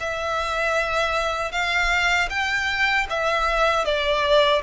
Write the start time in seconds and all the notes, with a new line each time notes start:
0.00 E5
1.52 F5
2.30 G5
3.10 E5
3.85 D5